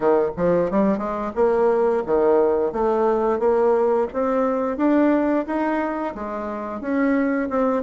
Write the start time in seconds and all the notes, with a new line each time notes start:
0.00 D#3
0.37 F3
0.70 G3
0.97 G#3
1.35 A#3
2.05 D#3
2.72 A3
3.39 A#3
4.13 C4
4.77 D4
5.46 D#4
6.14 G#3
6.80 C#4
7.49 C4